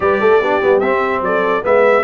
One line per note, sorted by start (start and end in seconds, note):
0.00 0.20 G3
0.00 0.40 G4
0.00 0.21 B4
0.00 0.79 D5
0.20 0.41 A3
0.20 0.41 A4
0.41 0.61 B3
0.41 0.61 D4
0.41 1.22 G4
0.61 0.80 G3
0.61 0.82 B3
0.79 1.20 C4
0.79 1.62 C4
0.79 1.20 E5
1.20 1.61 F#3
1.20 1.65 A4
1.20 1.64 D5
1.62 2.03 G#3
1.62 2.02 B3
1.62 2.03 B4
1.62 2.03 E5